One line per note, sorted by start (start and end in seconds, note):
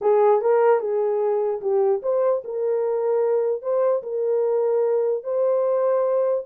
0.01 0.41 G#4
0.41 0.80 A#4
0.80 1.60 G#4
1.61 2.01 G4
2.02 2.42 C5
2.44 3.62 A#4
3.62 4.02 C5
4.02 5.23 A#4
5.23 6.44 C5